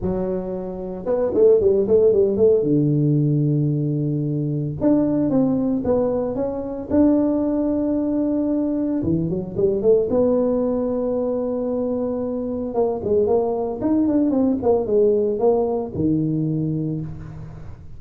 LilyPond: \new Staff \with { instrumentName = "tuba" } { \time 4/4 \tempo 4 = 113 fis2 b8 a8 g8 a8 | g8 a8 d2.~ | d4 d'4 c'4 b4 | cis'4 d'2.~ |
d'4 e8 fis8 g8 a8 b4~ | b1 | ais8 gis8 ais4 dis'8 d'8 c'8 ais8 | gis4 ais4 dis2 | }